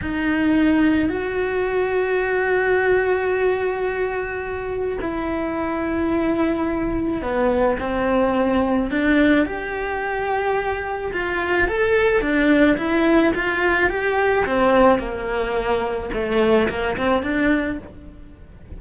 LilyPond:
\new Staff \with { instrumentName = "cello" } { \time 4/4 \tempo 4 = 108 dis'2 fis'2~ | fis'1~ | fis'4 e'2.~ | e'4 b4 c'2 |
d'4 g'2. | f'4 a'4 d'4 e'4 | f'4 g'4 c'4 ais4~ | ais4 a4 ais8 c'8 d'4 | }